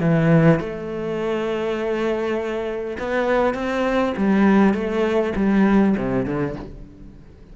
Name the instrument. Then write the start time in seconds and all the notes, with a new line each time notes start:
cello
0.00 E3
0.59 A3
2.98 B3
3.54 C4
4.17 G3
4.73 A3
5.35 G3
5.96 C3
6.26 D3